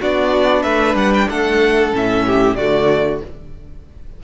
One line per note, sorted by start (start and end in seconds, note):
0.00 0.65 B3
0.00 1.92 D4
0.00 0.63 F#4
0.00 0.63 D5
0.63 0.95 A3
0.63 1.28 B4
0.63 0.95 E5
0.95 1.27 G3
0.95 1.13 F#5
1.14 1.30 G5
1.30 1.93 A3
1.30 2.27 A4
1.30 1.94 F#5
1.92 2.57 A2
1.92 2.57 C#4
1.92 2.56 E5
2.27 2.58 G4
2.56 3.22 D3
2.56 3.24 A3
2.56 3.22 F#4
2.56 3.20 D5